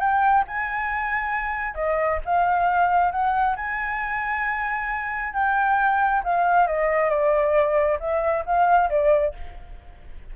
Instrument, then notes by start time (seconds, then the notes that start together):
flute
0.00 G5
0.48 G#5
1.75 D#5
2.25 F5
3.12 F#5
3.56 G#5
5.34 G5
6.24 F5
6.67 D#5
7.10 D5
8.00 E5
8.46 F5
8.90 D5